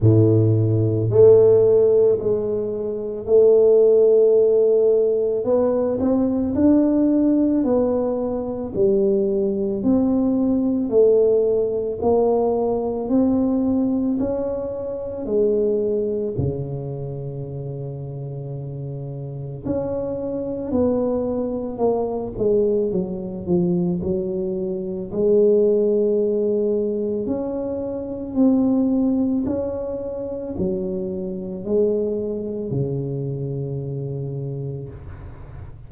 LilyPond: \new Staff \with { instrumentName = "tuba" } { \time 4/4 \tempo 4 = 55 a,4 a4 gis4 a4~ | a4 b8 c'8 d'4 b4 | g4 c'4 a4 ais4 | c'4 cis'4 gis4 cis4~ |
cis2 cis'4 b4 | ais8 gis8 fis8 f8 fis4 gis4~ | gis4 cis'4 c'4 cis'4 | fis4 gis4 cis2 | }